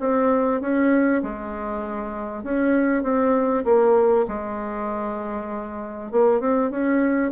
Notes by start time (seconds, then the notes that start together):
0.00 C4
0.61 C#4
1.23 G#3
2.44 C#4
3.03 C4
3.65 A#3
4.28 G#3
6.12 A#3
6.40 C4
6.71 C#4